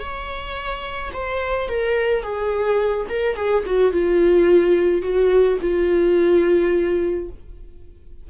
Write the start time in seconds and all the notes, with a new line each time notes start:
0.00 C#5
1.14 C5
1.69 A#4
2.23 G#4
3.10 A#4
3.36 G#4
3.66 F#4
3.93 F4
5.03 F#4
5.62 F4